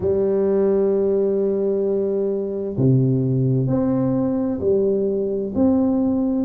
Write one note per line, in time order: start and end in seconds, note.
0.00 2.76 G3
2.77 3.67 C3
3.67 4.59 C4
4.61 5.53 G3
5.54 6.45 C4